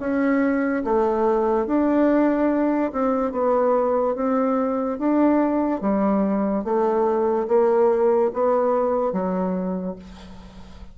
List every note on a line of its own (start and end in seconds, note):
0.00 0.83 C#4
0.84 1.67 A3
1.67 2.92 D4
2.92 3.32 C4
3.32 4.15 B3
4.15 4.98 C4
4.98 5.81 D4
5.81 6.64 G3
6.64 7.47 A3
7.48 8.31 A#3
8.33 9.12 B3
9.12 9.96 F#3